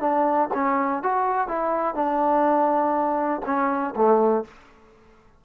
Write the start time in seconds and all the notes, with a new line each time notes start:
0.00 D4
0.54 C#4
1.03 F#4
1.48 E4
1.95 D4
3.45 C#4
3.95 A3